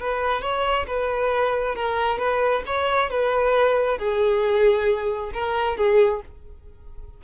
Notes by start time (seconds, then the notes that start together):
0.00 B4
0.42 C#5
0.87 B4
1.75 A#4
2.19 B4
2.66 C#5
3.10 B4
3.98 G#4
5.33 A#4
5.77 G#4